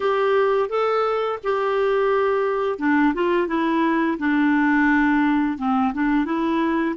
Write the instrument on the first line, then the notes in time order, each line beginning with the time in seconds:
clarinet
0.00 G4
0.68 A4
1.43 G4
2.78 D4
3.14 F4
3.47 E4
4.18 D4
5.58 C4
5.93 D4
6.25 E4